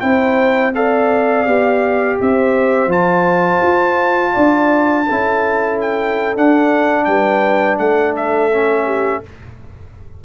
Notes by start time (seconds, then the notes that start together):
0.00 C4 E4 C5 G5
0.75 A4 D5 F5
1.46 B3 G4
2.20 C4 C5 E5
2.86 F3 F4 A5
3.62 F4
4.33 D4 D5
5.06 C#4 E4 A4
5.81 G5
6.36 D4 F#5
7.04 G3 B4 G5
7.78 A3 A4 F#5
8.16 E5
8.51 C#4
8.85 G4